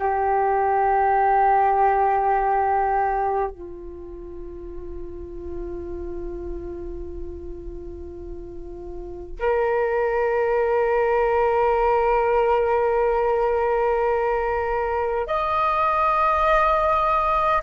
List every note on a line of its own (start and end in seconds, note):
0.00 3.51 G4
3.51 9.39 F4
9.40 15.27 A#4
15.27 17.63 D#5